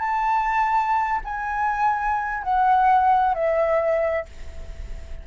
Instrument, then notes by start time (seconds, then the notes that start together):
flute
0.00 A5
1.25 G#5
2.44 F#5
3.35 E5